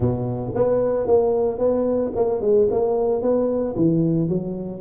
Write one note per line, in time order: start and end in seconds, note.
0.00 0.54 B2
0.55 1.06 B3
1.06 1.58 A#3
1.58 2.12 B3
2.15 2.41 A#3
2.41 2.68 G#3
2.70 3.21 A#3
3.21 3.75 B3
3.76 4.28 E3
4.28 4.80 F#3